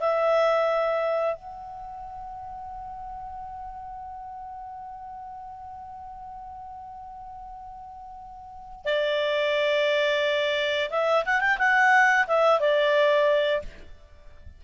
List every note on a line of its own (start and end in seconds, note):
0.00 1.36 E5
1.36 8.85 F#5
8.85 10.89 D5
10.91 11.25 E5
11.26 11.41 F#5
11.41 11.58 G5
11.59 12.27 F#5
12.28 12.60 E5
12.60 13.62 D5